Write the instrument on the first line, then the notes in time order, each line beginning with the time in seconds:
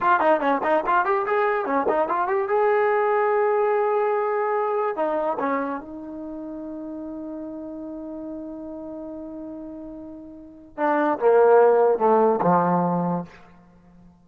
trombone
0.00 F4
0.20 D#4
0.40 C#4
0.63 D#4
0.86 F4
1.05 G4
1.26 G#4
1.65 C#4
1.88 D#4
2.08 F4
2.27 G4
2.48 G#4
4.96 D#4
5.39 C#4
5.80 D#4
10.77 D4
11.19 A#3
11.98 A3
12.41 F3